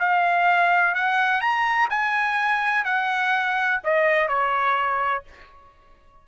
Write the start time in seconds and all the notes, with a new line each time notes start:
0.00 F5
0.95 F#5
1.41 A#5
1.90 G#5
2.85 F#5
3.84 D#5
4.29 C#5